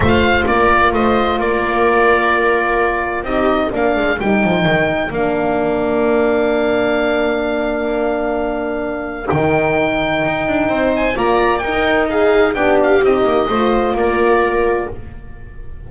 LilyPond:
<<
  \new Staff \with { instrumentName = "oboe" } { \time 4/4 \tempo 4 = 129 f''4 d''4 dis''4 d''4~ | d''2. dis''4 | f''4 g''2 f''4~ | f''1~ |
f''1 | g''2.~ g''8 gis''8 | ais''4 g''4 f''4 g''8 f''8 | dis''2 d''2 | }
  \new Staff \with { instrumentName = "viola" } { \time 4/4 c''4 ais'4 c''4 ais'4~ | ais'2. g'4 | ais'1~ | ais'1~ |
ais'1~ | ais'2. c''4 | d''4 ais'4 gis'4 g'4~ | g'4 c''4 ais'2 | }
  \new Staff \with { instrumentName = "horn" } { \time 4/4 f'1~ | f'2. dis'4 | d'4 dis'2 d'4~ | d'1~ |
d'1 | dis'1 | f'4 dis'2 d'4 | dis'4 f'2. | }
  \new Staff \with { instrumentName = "double bass" } { \time 4/4 a4 ais4 a4 ais4~ | ais2. c'4 | ais8 gis8 g8 f8 dis4 ais4~ | ais1~ |
ais1 | dis2 dis'8 d'8 c'4 | ais4 dis'2 b4 | c'8 ais8 a4 ais2 | }
>>